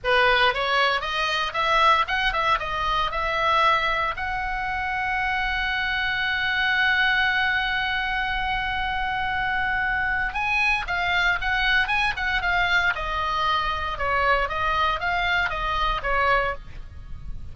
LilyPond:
\new Staff \with { instrumentName = "oboe" } { \time 4/4 \tempo 4 = 116 b'4 cis''4 dis''4 e''4 | fis''8 e''8 dis''4 e''2 | fis''1~ | fis''1~ |
fis''1 | gis''4 f''4 fis''4 gis''8 fis''8 | f''4 dis''2 cis''4 | dis''4 f''4 dis''4 cis''4 | }